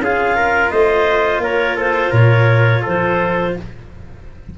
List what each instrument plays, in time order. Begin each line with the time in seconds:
0.00 tuba C#4, cello F4, trumpet G#4, clarinet F5
0.36 trumpet A#4
0.71 tuba A3, trumpet C5, clarinet D#5
1.38 tuba A#3, trumpet A#4, clarinet C#5
1.76 trumpet A4, clarinet C5
2.10 tuba A#2, trumpet A#4, clarinet C#5
2.82 tuba F3, trumpet A4, clarinet C5